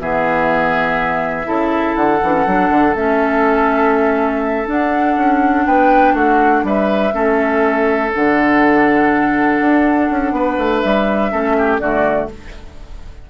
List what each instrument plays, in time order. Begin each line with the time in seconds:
0.00 bassoon E3, clarinet B3, oboe G#4, flute E5
1.44 bassoon C#3, clarinet E4, oboe A4
1.95 bassoon D3, flute F#5
2.23 bassoon E3, clarinet D4
2.32 clarinet C#4
2.47 bassoon F#3, clarinet D4
2.70 bassoon D3
2.95 bassoon A3, clarinet C#4, flute E5
4.66 clarinet D4, bassoon D4, flute F#5
5.16 bassoon C#4
5.66 bassoon B3, oboe B4, flute G5
6.14 bassoon A3, oboe F#4, flute F#5
6.63 bassoon G3, oboe B4, flute E5
7.12 bassoon A3, clarinet C#4, oboe A4
8.11 bassoon D3, clarinet D4, flute F#5
9.60 bassoon D4
10.10 bassoon C#4
10.32 bassoon B3, oboe B4
10.58 bassoon A3
10.79 bassoon G3, flute E5
11.31 bassoon A3, clarinet C#4, oboe A4
11.58 oboe G4
11.79 bassoon D3, clarinet A3, oboe F#4, flute D5